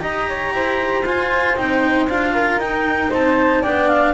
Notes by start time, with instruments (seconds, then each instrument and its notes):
0.00 double bass D#4, cello G4, flute D#5, clarinet A#5
0.28 flute C#5
0.53 double bass E4, flute C5
1.03 double bass F4, cello F4, clarinet G#5
1.57 double bass C4, cello D#4, clarinet G5
2.09 double bass D4, cello F4, clarinet F5
2.33 flute A#4
2.57 double bass D#4, cello D#4, clarinet G5
3.10 double bass C4, flute C5, clarinet A5
3.62 double bass B3, cello D4, flute D5, clarinet G5
3.88 clarinet F5